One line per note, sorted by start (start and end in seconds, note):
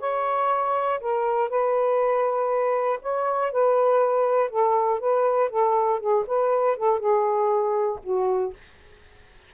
0.00 1.00 C#5
1.00 1.49 A#4
1.49 2.99 B4
3.02 3.52 C#5
3.52 4.50 B4
4.50 5.00 A4
5.00 5.50 B4
5.50 6.00 A4
6.00 6.25 G#4
6.27 6.77 B4
6.77 6.99 A4
6.99 7.99 G#4
8.03 8.53 F#4